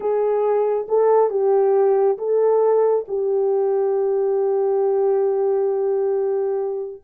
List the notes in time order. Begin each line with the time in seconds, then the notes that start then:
0.00 G#4
0.88 A4
1.30 G4
2.18 A4
3.08 G4